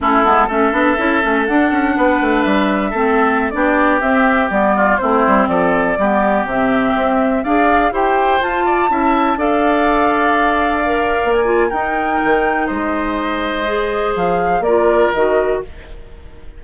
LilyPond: <<
  \new Staff \with { instrumentName = "flute" } { \time 4/4 \tempo 4 = 123 a'4 e''2 fis''4~ | fis''4 e''2~ e''16 d''8.~ | d''16 e''4 d''4 c''4 d''8.~ | d''4~ d''16 e''2 f''8.~ |
f''16 g''4 a''2 f''8.~ | f''2.~ f''16 gis''8. | g''2 dis''2~ | dis''4 f''4 d''4 dis''4 | }
  \new Staff \with { instrumentName = "oboe" } { \time 4/4 e'4 a'2. | b'2 a'4~ a'16 g'8.~ | g'4.~ g'16 f'8 e'4 a'8.~ | a'16 g'2. d''8.~ |
d''16 c''4. d''8 e''4 d''8.~ | d''1 | ais'2 c''2~ | c''2 ais'2 | }
  \new Staff \with { instrumentName = "clarinet" } { \time 4/4 cis'8 b8 cis'8 d'8 e'8 cis'8 d'4~ | d'2 c'4~ c'16 d'8.~ | d'16 c'4 b4 c'4.~ c'16~ | c'16 b4 c'2 gis'8.~ |
gis'16 g'4 f'4 e'4 a'8.~ | a'2~ a'16 ais'4~ ais'16 f'8 | dis'1 | gis'2 f'4 fis'4 | }
  \new Staff \with { instrumentName = "bassoon" } { \time 4/4 a8 gis8 a8 b8 cis'8 a8 d'8 cis'8 | b8 a8 g4 a4~ a16 b8.~ | b16 c'4 g4 a8 g8 f8.~ | f16 g4 c4 c'4 d'8.~ |
d'16 e'4 f'4 cis'4 d'8.~ | d'2. ais4 | dis'4 dis4 gis2~ | gis4 f4 ais4 dis4 | }
>>